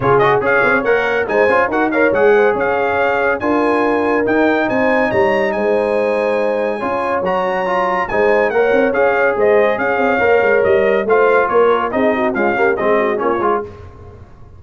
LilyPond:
<<
  \new Staff \with { instrumentName = "trumpet" } { \time 4/4 \tempo 4 = 141 cis''8 dis''8 f''4 fis''4 gis''4 | fis''8 f''8 fis''4 f''2 | gis''2 g''4 gis''4 | ais''4 gis''2.~ |
gis''4 ais''2 gis''4 | fis''4 f''4 dis''4 f''4~ | f''4 dis''4 f''4 cis''4 | dis''4 f''4 dis''4 cis''4 | }
  \new Staff \with { instrumentName = "horn" } { \time 4/4 gis'4 cis''2 c''4 | ais'8 cis''4 c''8 cis''2 | ais'2. c''4 | cis''4 c''2. |
cis''2. c''4 | cis''2 c''4 cis''4~ | cis''2 c''4 ais'4 | gis'8 fis'8 f'8 g'8 gis'8 fis'8 f'4 | }
  \new Staff \with { instrumentName = "trombone" } { \time 4/4 f'8 fis'8 gis'4 ais'4 dis'8 f'8 | fis'8 ais'8 gis'2. | f'2 dis'2~ | dis'1 |
f'4 fis'4 f'4 dis'4 | ais'4 gis'2. | ais'2 f'2 | dis'4 gis8 ais8 c'4 cis'8 f'8 | }
  \new Staff \with { instrumentName = "tuba" } { \time 4/4 cis4 cis'8 c'8 ais4 gis8 cis'8 | dis'4 gis4 cis'2 | d'2 dis'4 c'4 | g4 gis2. |
cis'4 fis2 gis4 | ais8 c'8 cis'4 gis4 cis'8 c'8 | ais8 gis8 g4 a4 ais4 | c'4 cis'4 gis4 ais8 gis8 | }
>>